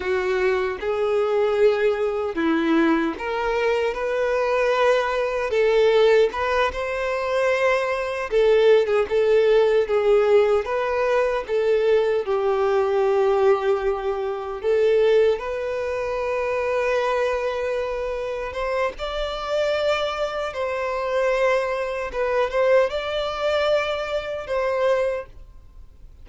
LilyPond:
\new Staff \with { instrumentName = "violin" } { \time 4/4 \tempo 4 = 76 fis'4 gis'2 e'4 | ais'4 b'2 a'4 | b'8 c''2 a'8. gis'16 a'8~ | a'8 gis'4 b'4 a'4 g'8~ |
g'2~ g'8 a'4 b'8~ | b'2.~ b'8 c''8 | d''2 c''2 | b'8 c''8 d''2 c''4 | }